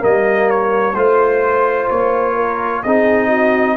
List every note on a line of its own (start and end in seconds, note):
0.00 0.95 G3
0.00 0.94 A#3
0.00 0.97 A#4
0.00 0.50 D#5
0.50 0.96 C#5
0.95 1.89 A3
0.95 2.84 F4
0.95 1.89 C5
0.95 2.35 C5
1.90 2.84 A#3
1.90 2.83 C#5
2.35 2.82 A#4
2.83 3.77 C4
2.83 3.77 D#4
2.83 3.28 G#4
2.83 3.77 D#5
3.28 3.75 F#4